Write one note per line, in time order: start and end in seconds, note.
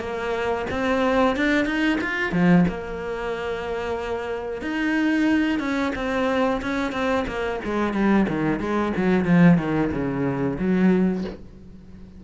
0.00 0.66 A#3
0.70 1.36 C4
1.36 1.65 D4
1.65 1.98 D#4
2.01 2.32 F4
2.32 2.65 F3
2.68 4.62 A#3
4.62 5.59 D#4
5.59 5.92 C#4
5.96 6.61 C4
6.62 6.92 C#4
6.92 7.25 C4
7.27 7.60 A#3
7.65 7.93 G#3
7.93 8.26 G3
8.28 8.60 D#3
8.60 8.93 G#3
8.96 9.25 F#3
9.25 9.58 F3
9.58 9.91 D#3
9.92 10.58 C#3
10.59 11.24 F#3